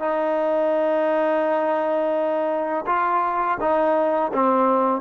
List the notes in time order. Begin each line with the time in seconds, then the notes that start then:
0.00 D#4
2.87 F4
3.61 D#4
4.33 C4